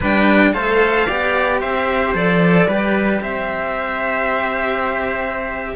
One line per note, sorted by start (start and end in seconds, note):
0.00 0.53 G3
0.00 0.53 D4
0.00 0.52 B4
0.00 0.52 G5
0.52 1.06 A3
0.52 1.07 A4
0.52 1.06 C5
0.52 1.59 F5
1.06 1.62 B3
1.06 2.14 G4
1.06 1.60 D5
1.60 2.14 C4
1.60 2.67 C5
1.60 2.14 E5
2.14 2.67 F3
2.14 2.67 A4
2.14 3.22 D5
2.67 3.20 G3
2.67 5.75 G4
2.67 3.21 B4
3.21 5.75 C4
3.21 5.75 C5
3.21 5.75 E5